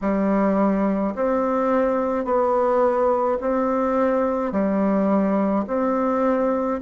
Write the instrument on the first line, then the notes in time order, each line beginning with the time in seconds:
bassoon
0.01 G3
1.15 C4
2.24 B3
3.40 C4
4.52 G3
5.67 C4